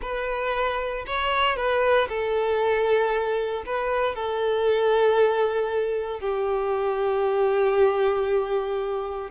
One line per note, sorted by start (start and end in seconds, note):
0.01 1.05 B4
1.06 1.56 C#5
1.56 2.08 B4
2.09 3.64 A4
3.65 4.15 B4
4.15 6.20 A4
6.20 9.30 G4